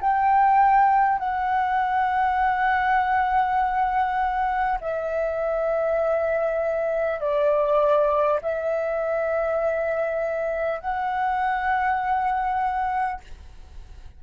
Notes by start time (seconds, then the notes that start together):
0.00 G5
1.18 F#5
4.81 E5
7.20 D5
8.42 E5
10.80 F#5